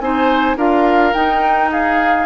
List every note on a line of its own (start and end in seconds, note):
0.00 0.57 C4
0.00 0.57 D#4
0.00 0.58 C5
0.00 0.57 G#5
0.57 1.13 D4
0.57 1.14 F4
0.57 1.71 A#4
0.57 1.14 F5
1.14 2.27 D#4
1.14 1.70 G5
1.72 2.27 G#4
1.72 2.27 F5